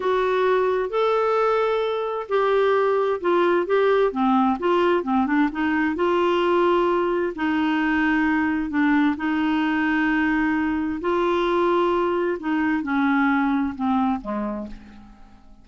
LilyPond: \new Staff \with { instrumentName = "clarinet" } { \time 4/4 \tempo 4 = 131 fis'2 a'2~ | a'4 g'2 f'4 | g'4 c'4 f'4 c'8 d'8 | dis'4 f'2. |
dis'2. d'4 | dis'1 | f'2. dis'4 | cis'2 c'4 gis4 | }